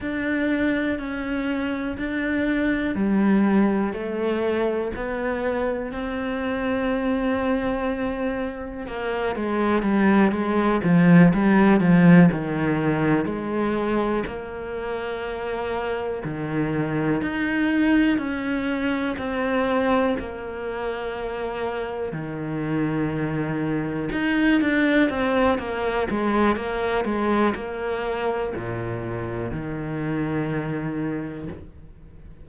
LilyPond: \new Staff \with { instrumentName = "cello" } { \time 4/4 \tempo 4 = 61 d'4 cis'4 d'4 g4 | a4 b4 c'2~ | c'4 ais8 gis8 g8 gis8 f8 g8 | f8 dis4 gis4 ais4.~ |
ais8 dis4 dis'4 cis'4 c'8~ | c'8 ais2 dis4.~ | dis8 dis'8 d'8 c'8 ais8 gis8 ais8 gis8 | ais4 ais,4 dis2 | }